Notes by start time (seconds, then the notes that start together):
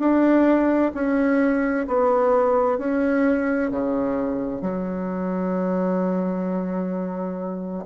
0.00 D4
0.95 C#4
1.88 B3
2.79 C#4
3.71 C#3
4.62 F#3